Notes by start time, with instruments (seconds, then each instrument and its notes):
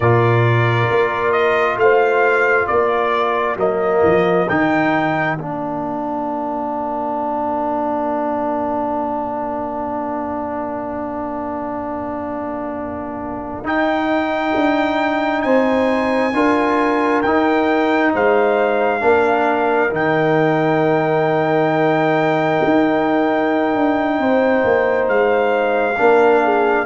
0.00 tuba A#2, trombone F4, horn A#4, trumpet D5
0.90 tuba A#3
1.32 trumpet D#5
1.76 tuba A3, horn C5, trumpet F5
2.66 tuba A#3, horn A#4, trumpet D5
3.56 tuba F#3, trombone A#3, trumpet D#5
4.02 tuba F3
4.48 tuba D#3, trombone D#4, trumpet G5
5.37 tuba A#3, trombone D4, trumpet F5
13.63 tuba D#4, trombone D#4, trumpet G5
14.55 tuba D4
15.42 tuba C4, horn C5, trumpet G#5
16.33 tuba D4, trombone F4, horn A#4
17.22 tuba D#4, trombone D#4, trumpet G5
18.13 tuba G#3, horn C5, trumpet F5
19.00 tuba A#3, trombone D4, horn A#4
19.90 tuba D#3, trombone D#4, trumpet G5
22.63 tuba D#4
23.74 tuba D4
24.18 tuba C4, horn C5
24.63 tuba A#3
25.08 tuba G#3, trumpet F5
25.97 tuba A#3, trombone D4, horn A#4
26.44 horn G#4